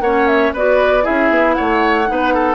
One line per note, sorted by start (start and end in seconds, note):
0.00 0.51 A#3
0.00 0.55 C#4
0.00 0.53 C#5
0.00 0.27 F#5
0.27 0.52 E5
0.53 1.06 B3
0.53 1.02 F#4
0.53 1.04 B4
0.53 1.06 D5
1.02 2.05 E4
1.02 1.55 G#4
1.02 1.54 E5
1.09 1.30 C#4
1.30 1.56 B3
1.54 2.10 A3
1.54 2.08 C#5
1.54 2.55 F#5
2.07 2.55 B3
2.07 2.55 D#4
2.07 2.34 B4
2.34 2.55 A4